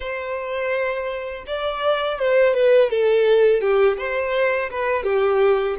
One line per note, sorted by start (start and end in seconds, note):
0.00 1.44 C5
1.47 2.19 D5
2.19 2.53 C5
2.53 2.89 B4
2.89 3.61 A4
3.61 3.97 G4
3.97 4.70 C5
4.70 5.03 B4
5.03 5.76 G4